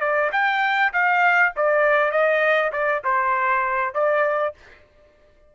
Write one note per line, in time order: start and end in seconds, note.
0.00 0.30 D5
0.32 0.92 G5
0.93 1.53 F5
1.56 2.11 D5
2.11 2.71 D#5
2.72 3.02 D5
3.04 3.94 C5
3.94 4.54 D5